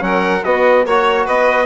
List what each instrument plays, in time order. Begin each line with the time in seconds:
0.00 bassoon F#3, trombone C#4, violin A#4, trumpet F#5
0.44 bassoon B3, trombone B3, violin F#4, trumpet D#5
0.85 bassoon A#3, trombone F#4, trumpet C#5, violin C#5
1.25 bassoon B3, violin B4, trumpet D#5